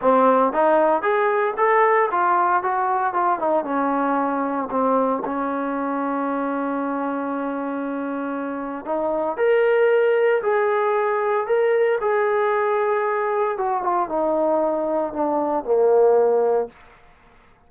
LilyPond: \new Staff \with { instrumentName = "trombone" } { \time 4/4 \tempo 4 = 115 c'4 dis'4 gis'4 a'4 | f'4 fis'4 f'8 dis'8 cis'4~ | cis'4 c'4 cis'2~ | cis'1~ |
cis'4 dis'4 ais'2 | gis'2 ais'4 gis'4~ | gis'2 fis'8 f'8 dis'4~ | dis'4 d'4 ais2 | }